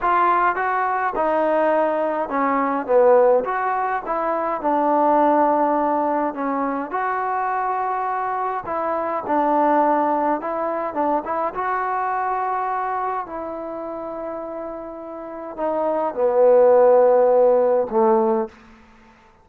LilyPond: \new Staff \with { instrumentName = "trombone" } { \time 4/4 \tempo 4 = 104 f'4 fis'4 dis'2 | cis'4 b4 fis'4 e'4 | d'2. cis'4 | fis'2. e'4 |
d'2 e'4 d'8 e'8 | fis'2. e'4~ | e'2. dis'4 | b2. a4 | }